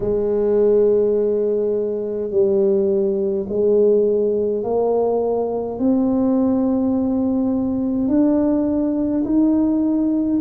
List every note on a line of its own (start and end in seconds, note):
0.00 2.30 G#3
2.30 3.46 G3
3.48 4.63 G#3
4.63 5.78 A#3
5.79 8.08 C4
8.08 9.23 D4
9.24 10.40 D#4